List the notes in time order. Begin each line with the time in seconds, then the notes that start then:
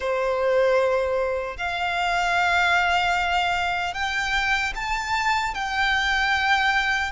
0.00 C5
1.57 F5
3.94 G5
4.75 A5
5.54 G5